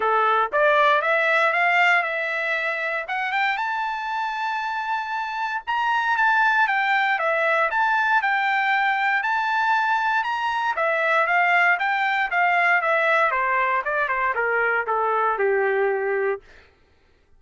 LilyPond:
\new Staff \with { instrumentName = "trumpet" } { \time 4/4 \tempo 4 = 117 a'4 d''4 e''4 f''4 | e''2 fis''8 g''8 a''4~ | a''2. ais''4 | a''4 g''4 e''4 a''4 |
g''2 a''2 | ais''4 e''4 f''4 g''4 | f''4 e''4 c''4 d''8 c''8 | ais'4 a'4 g'2 | }